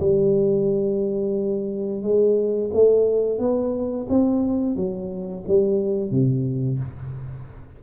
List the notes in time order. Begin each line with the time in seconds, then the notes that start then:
0.00 G3
2.02 G#3
2.74 A3
3.39 B3
4.09 C4
4.76 F#3
5.48 G3
6.11 C3